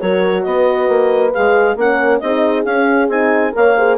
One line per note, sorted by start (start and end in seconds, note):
0.00 0.46 F#3
0.00 1.33 F#4
0.00 0.45 A#4
0.00 0.44 C#5
0.44 0.89 B3
0.44 1.78 B4
0.44 1.32 D#5
0.89 1.33 A#3
1.34 1.76 G#3
1.34 1.78 G#4
1.34 1.78 F5
1.76 2.20 A#3
1.76 2.22 C#4
1.76 2.23 A#4
1.76 2.20 F#5
2.20 2.65 C4
2.20 2.66 D#4
2.20 3.56 G#4
2.20 2.64 D#5
2.65 3.08 C#4
2.65 3.10 C#4
2.65 3.09 F5
3.08 3.53 C4
3.08 3.52 D#4
3.08 3.54 G#5
3.52 3.98 A#3
3.52 3.74 A#4
3.52 3.77 C#5
3.52 3.98 F5
3.77 3.98 G#4
3.77 3.98 C5